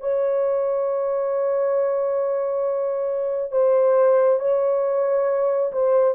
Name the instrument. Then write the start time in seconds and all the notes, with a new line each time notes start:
horn
0.00 C#5
3.51 C5
4.39 C#5
5.72 C5